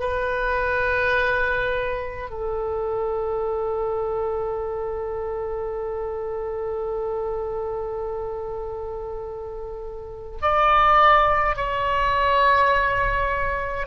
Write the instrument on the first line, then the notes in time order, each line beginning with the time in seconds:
oboe
0.00 B4
2.31 A4
10.42 D5
11.56 C#5